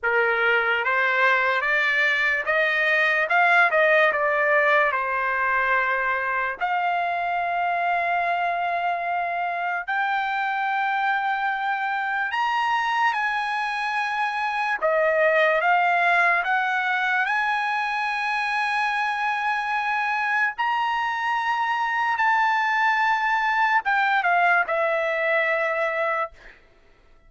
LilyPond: \new Staff \with { instrumentName = "trumpet" } { \time 4/4 \tempo 4 = 73 ais'4 c''4 d''4 dis''4 | f''8 dis''8 d''4 c''2 | f''1 | g''2. ais''4 |
gis''2 dis''4 f''4 | fis''4 gis''2.~ | gis''4 ais''2 a''4~ | a''4 g''8 f''8 e''2 | }